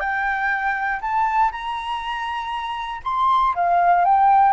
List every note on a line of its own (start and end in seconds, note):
0.00 1.00 G5
1.01 1.51 A5
1.52 3.02 A#5
3.04 3.54 C6
3.55 4.05 F5
4.05 4.52 G5